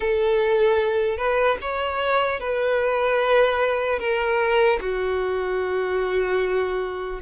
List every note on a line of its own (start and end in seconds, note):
0.00 1.17 A4
1.17 1.57 B4
1.61 2.40 C#5
2.40 3.99 B4
3.99 4.79 A#4
4.80 7.20 F#4